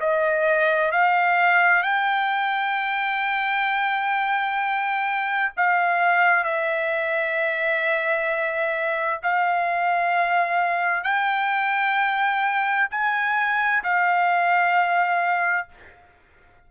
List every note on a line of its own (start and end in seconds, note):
0.00 0.91 D#5
0.91 1.83 F5
1.83 5.52 G5
5.57 6.44 F5
6.44 9.21 E5
9.23 11.04 F5
11.04 12.89 G5
12.91 13.83 G#5
13.84 15.68 F5